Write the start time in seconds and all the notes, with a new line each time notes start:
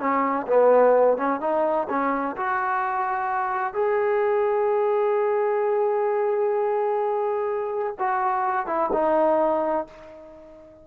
0.00 C#4
0.48 B3
1.18 C#4
1.41 D#4
1.90 C#4
2.37 F#4
3.74 G#4
7.99 F#4
8.67 E4
8.93 D#4